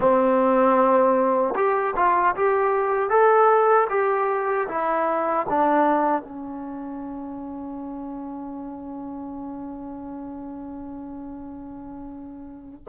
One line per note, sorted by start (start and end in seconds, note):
0.00 1.54 C4
1.55 1.94 G4
1.96 2.35 F4
2.35 3.09 G4
3.09 3.87 A4
3.89 4.67 G4
4.68 5.46 E4
5.49 6.22 D4
6.22 12.84 C#4